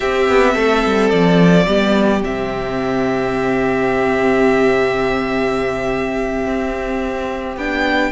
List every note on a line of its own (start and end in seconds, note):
0.00 0.28 C4
0.00 1.67 C4
0.00 0.53 G4
0.00 1.09 E5
0.28 0.55 B3
0.53 0.83 A3
0.53 1.66 A4
0.85 1.12 G3
1.09 1.67 F3
1.09 2.22 D5
1.66 2.23 G3
1.66 2.23 B3
1.66 8.11 G4
2.23 6.44 C3
2.23 7.56 C4
2.23 7.57 E5
6.46 7.56 C4
7.56 8.11 B3
7.56 8.11 D4
7.56 8.11 G5